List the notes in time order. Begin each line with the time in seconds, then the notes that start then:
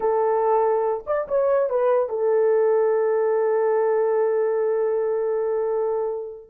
0.00 A4
1.06 D5
1.28 C#5
1.69 B4
2.09 A4